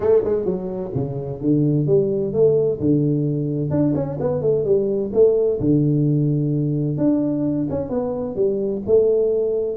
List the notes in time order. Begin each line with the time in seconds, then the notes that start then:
0.00 A3
0.24 G#3
0.45 F#3
0.94 C#3
1.41 D3
1.86 G3
2.33 A3
2.79 D3
3.70 D4
3.94 C#4
4.20 B3
4.41 A3
4.64 G3
5.13 A3
5.60 D3
6.97 D4
7.70 C#4
7.89 B3
8.35 G3
8.86 A3